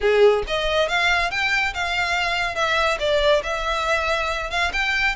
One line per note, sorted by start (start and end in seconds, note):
0.01 0.43 G#4
0.47 0.88 D#5
0.88 1.31 F5
1.31 1.73 G5
1.74 2.55 F5
2.55 2.97 E5
2.99 3.42 D5
3.43 4.50 E5
4.50 4.71 F5
4.72 5.15 G5